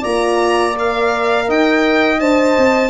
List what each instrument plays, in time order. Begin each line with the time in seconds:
0.00 tuba A#3, horn F4, saxophone D5, violin A#5
0.73 horn A#4
0.79 violin F5
1.47 tuba D#4, saxophone D#5, violin G5
2.19 tuba D4, horn C5, violin A5
2.58 tuba C4